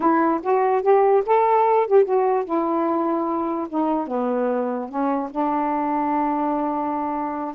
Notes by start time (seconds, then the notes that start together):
0.00 E4
0.42 F#4
0.82 G4
1.26 A4
1.87 G4
2.04 F#4
2.45 E4
3.68 D#4
4.07 B3
4.88 C#4
5.30 D4